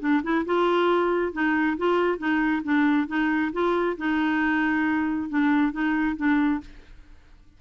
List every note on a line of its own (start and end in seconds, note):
0.00 0.22 D4
0.23 0.45 E4
0.46 1.33 F4
1.33 1.77 D#4
1.78 2.18 F4
2.18 2.62 D#4
2.64 3.08 D4
3.08 3.52 D#4
3.53 3.97 F4
3.98 5.30 D#4
5.30 5.72 D4
5.72 6.16 D#4
6.17 6.61 D4